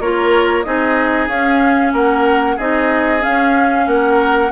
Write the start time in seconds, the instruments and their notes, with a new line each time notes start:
0.00 bassoon A#3, clarinet F4, oboe A#4, flute C#5
0.63 bassoon C4, clarinet D#4, oboe G#4, flute D#5
1.27 bassoon C#4, clarinet C#4, flute F5
1.92 bassoon A#3, oboe A#4, flute F#5
2.56 bassoon C4, clarinet D#4, oboe G#4, flute D#5
3.20 clarinet C#4, bassoon C#4, flute F5
3.87 bassoon A#3, oboe A#4, flute F#5